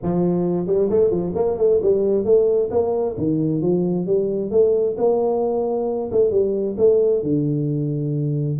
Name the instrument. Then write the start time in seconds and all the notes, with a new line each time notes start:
tuba
0.02 F3
0.66 G3
0.90 A3
1.10 F3
1.35 A#3
1.57 A3
1.82 G3
2.24 A3
2.70 A#3
3.17 D#3
3.61 F3
4.06 G3
4.51 A3
4.97 A#3
6.11 A3
6.31 G3
6.77 A3
7.22 D3